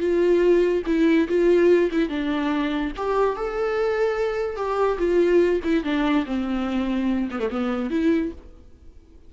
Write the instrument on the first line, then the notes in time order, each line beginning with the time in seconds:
viola
0.00 F4
0.86 E4
1.28 F4
1.91 E4
2.09 D4
2.97 G4
3.36 A4
4.56 G4
4.98 F4
5.64 E4
5.84 D4
6.26 C4
7.31 B3
7.39 A3
7.50 B3
7.90 E4